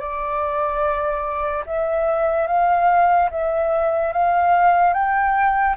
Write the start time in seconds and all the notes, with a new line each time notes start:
0.00 D5
1.66 E5
2.47 F5
3.31 E5
4.13 F5
4.94 G5